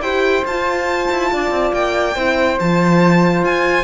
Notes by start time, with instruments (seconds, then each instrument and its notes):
0.00 cello E4, horn G4, flute C5, violin G5
0.44 cello F4, horn F4, violin A5
1.11 cello E4
1.32 cello D4, flute D5
1.50 cello C4
1.73 cello A#3, violin G5
2.15 cello C4, horn E4, flute C5
2.59 cello F3, horn F4, violin A5
3.43 cello F4, violin G#5